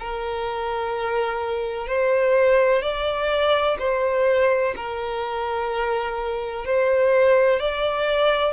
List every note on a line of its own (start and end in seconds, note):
0.00 1.88 A#4
1.88 2.83 C5
2.83 3.78 D5
3.79 4.74 C5
4.77 6.65 A#4
6.65 7.60 C5
7.60 8.53 D5